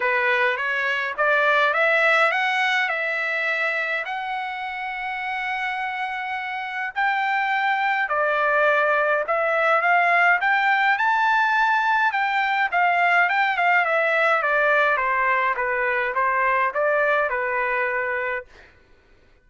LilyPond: \new Staff \with { instrumentName = "trumpet" } { \time 4/4 \tempo 4 = 104 b'4 cis''4 d''4 e''4 | fis''4 e''2 fis''4~ | fis''1 | g''2 d''2 |
e''4 f''4 g''4 a''4~ | a''4 g''4 f''4 g''8 f''8 | e''4 d''4 c''4 b'4 | c''4 d''4 b'2 | }